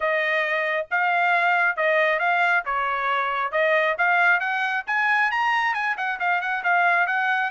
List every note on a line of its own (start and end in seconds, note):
0.00 0.86 D#5
0.90 1.76 F5
1.76 2.19 D#5
2.19 2.63 F5
2.65 3.51 C#5
3.51 3.95 D#5
3.98 4.40 F5
4.40 4.84 F#5
4.86 5.31 G#5
5.31 5.74 A#5
5.74 5.96 G#5
5.97 6.19 F#5
6.19 6.41 F5
6.41 6.63 F#5
6.63 7.06 F5
7.06 7.50 F#5